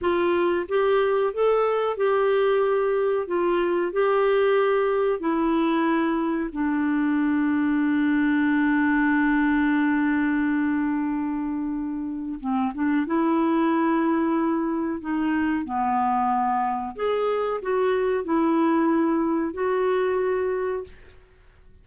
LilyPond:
\new Staff \with { instrumentName = "clarinet" } { \time 4/4 \tempo 4 = 92 f'4 g'4 a'4 g'4~ | g'4 f'4 g'2 | e'2 d'2~ | d'1~ |
d'2. c'8 d'8 | e'2. dis'4 | b2 gis'4 fis'4 | e'2 fis'2 | }